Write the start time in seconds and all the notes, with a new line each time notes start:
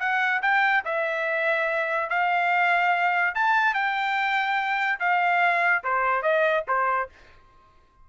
0.00 F#5
0.42 G5
0.85 E5
2.10 F5
3.35 A5
3.74 G5
5.00 F5
5.84 C5
6.23 D#5
6.68 C5